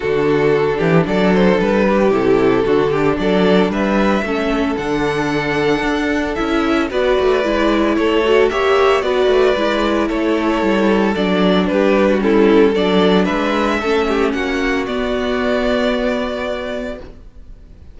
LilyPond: <<
  \new Staff \with { instrumentName = "violin" } { \time 4/4 \tempo 4 = 113 a'2 d''8 c''8 b'4 | a'2 d''4 e''4~ | e''4 fis''2. | e''4 d''2 cis''4 |
e''4 d''2 cis''4~ | cis''4 d''4 b'4 a'4 | d''4 e''2 fis''4 | d''1 | }
  \new Staff \with { instrumentName = "violin" } { \time 4/4 fis'4. g'8 a'4. g'8~ | g'4 fis'8 g'8 a'4 b'4 | a'1~ | a'4 b'2 a'4 |
cis''4 b'2 a'4~ | a'2 g'8. fis'16 e'4 | a'4 b'4 a'8 g'8 fis'4~ | fis'1 | }
  \new Staff \with { instrumentName = "viola" } { \time 4/4 d'1 | e'4 d'2. | cis'4 d'2. | e'4 fis'4 e'4. fis'8 |
g'4 fis'4 e'2~ | e'4 d'2 cis'4 | d'2 cis'2 | b1 | }
  \new Staff \with { instrumentName = "cello" } { \time 4/4 d4. e8 fis4 g4 | c4 d4 fis4 g4 | a4 d2 d'4 | cis'4 b8 a8 gis4 a4 |
ais4 b8 a8 gis4 a4 | g4 fis4 g2 | fis4 gis4 a4 ais4 | b1 | }
>>